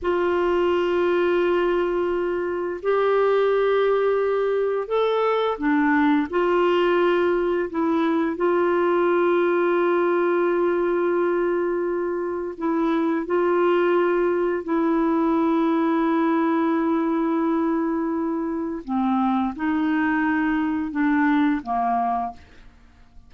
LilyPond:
\new Staff \with { instrumentName = "clarinet" } { \time 4/4 \tempo 4 = 86 f'1 | g'2. a'4 | d'4 f'2 e'4 | f'1~ |
f'2 e'4 f'4~ | f'4 e'2.~ | e'2. c'4 | dis'2 d'4 ais4 | }